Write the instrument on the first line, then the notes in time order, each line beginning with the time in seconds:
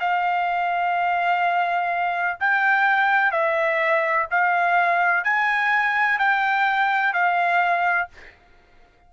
trumpet
0.00 F5
2.40 G5
3.32 E5
4.31 F5
5.24 G#5
6.19 G5
7.13 F5